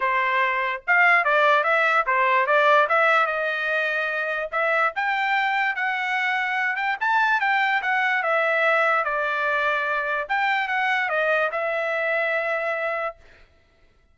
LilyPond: \new Staff \with { instrumentName = "trumpet" } { \time 4/4 \tempo 4 = 146 c''2 f''4 d''4 | e''4 c''4 d''4 e''4 | dis''2. e''4 | g''2 fis''2~ |
fis''8 g''8 a''4 g''4 fis''4 | e''2 d''2~ | d''4 g''4 fis''4 dis''4 | e''1 | }